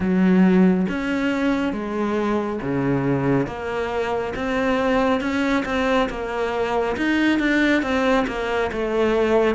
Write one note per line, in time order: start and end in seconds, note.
0.00 0.87 F#3
0.88 1.72 C#4
1.72 2.59 G#3
2.62 3.46 C#3
3.46 4.33 A#3
4.35 5.20 C4
5.20 5.64 C#4
5.65 6.08 C4
6.09 6.96 A#3
6.96 7.39 D#4
7.39 7.82 D4
7.82 8.26 C4
8.27 8.70 A#3
8.72 9.55 A3